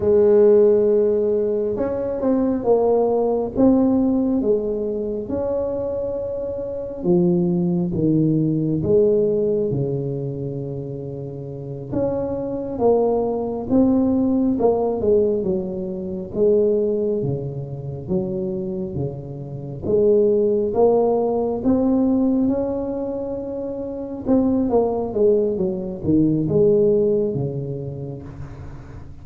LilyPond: \new Staff \with { instrumentName = "tuba" } { \time 4/4 \tempo 4 = 68 gis2 cis'8 c'8 ais4 | c'4 gis4 cis'2 | f4 dis4 gis4 cis4~ | cis4. cis'4 ais4 c'8~ |
c'8 ais8 gis8 fis4 gis4 cis8~ | cis8 fis4 cis4 gis4 ais8~ | ais8 c'4 cis'2 c'8 | ais8 gis8 fis8 dis8 gis4 cis4 | }